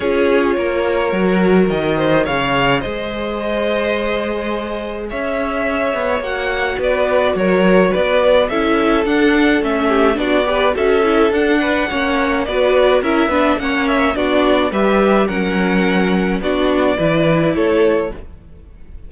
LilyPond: <<
  \new Staff \with { instrumentName = "violin" } { \time 4/4 \tempo 4 = 106 cis''2. dis''4 | f''4 dis''2.~ | dis''4 e''2 fis''4 | d''4 cis''4 d''4 e''4 |
fis''4 e''4 d''4 e''4 | fis''2 d''4 e''4 | fis''8 e''8 d''4 e''4 fis''4~ | fis''4 d''2 cis''4 | }
  \new Staff \with { instrumentName = "violin" } { \time 4/4 gis'4 ais'2~ ais'8 c''8 | cis''4 c''2.~ | c''4 cis''2. | b'4 ais'4 b'4 a'4~ |
a'4. g'8 fis'8 b'8 a'4~ | a'8 b'8 cis''4 b'4 ais'8 b'8 | cis''4 fis'4 b'4 ais'4~ | ais'4 fis'4 b'4 a'4 | }
  \new Staff \with { instrumentName = "viola" } { \time 4/4 f'2 fis'2 | gis'1~ | gis'2. fis'4~ | fis'2. e'4 |
d'4 cis'4 d'8 g'8 fis'8 e'8 | d'4 cis'4 fis'4 e'8 d'8 | cis'4 d'4 g'4 cis'4~ | cis'4 d'4 e'2 | }
  \new Staff \with { instrumentName = "cello" } { \time 4/4 cis'4 ais4 fis4 dis4 | cis4 gis2.~ | gis4 cis'4. b8 ais4 | b4 fis4 b4 cis'4 |
d'4 a4 b4 cis'4 | d'4 ais4 b4 cis'8 b8 | ais4 b4 g4 fis4~ | fis4 b4 e4 a4 | }
>>